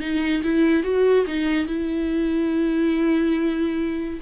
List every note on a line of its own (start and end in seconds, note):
0.00 0.42 D#4
0.43 0.83 E4
0.83 1.26 F#4
1.27 1.67 D#4
1.67 4.20 E4